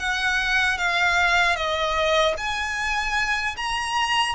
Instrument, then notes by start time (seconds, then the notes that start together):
violin
0.00 F#5
0.79 F5
1.56 D#5
2.38 G#5
3.57 A#5